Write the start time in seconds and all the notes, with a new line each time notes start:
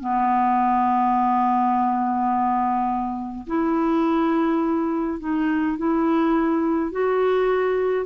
0.00 B3
3.47 E4
5.20 D#4
5.77 E4
6.92 F#4